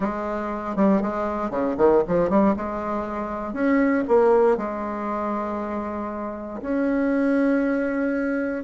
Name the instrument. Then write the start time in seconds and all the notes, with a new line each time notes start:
bassoon
0.00 G#3
0.76 G3
1.01 G#3
1.50 C#3
1.77 D#3
2.07 F3
2.29 G3
2.56 G#3
3.53 C#4
4.08 A#3
4.57 G#3
6.61 C#4